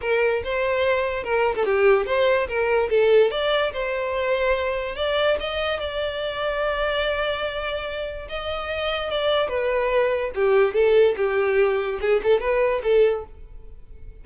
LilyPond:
\new Staff \with { instrumentName = "violin" } { \time 4/4 \tempo 4 = 145 ais'4 c''2 ais'8. a'16 | g'4 c''4 ais'4 a'4 | d''4 c''2. | d''4 dis''4 d''2~ |
d''1 | dis''2 d''4 b'4~ | b'4 g'4 a'4 g'4~ | g'4 gis'8 a'8 b'4 a'4 | }